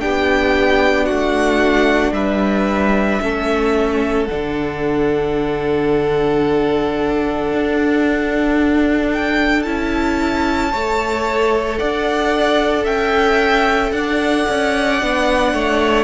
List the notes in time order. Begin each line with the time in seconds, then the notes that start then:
0.00 B3 D4 G4 G5
1.05 A3 F#4 F#5
2.12 G3 B4 E5
3.21 A3 C#4 A4
4.26 D4 F#5
4.32 D3
7.53 D4
9.13 G5
9.62 C#4 E4 A5
10.72 A3 A4 C#5
11.79 D4 D5 F#5
12.84 C#4 E5 G5
13.92 D4 D5 F#5
14.50 C#4
15.00 B3 D4
15.53 A3 C#5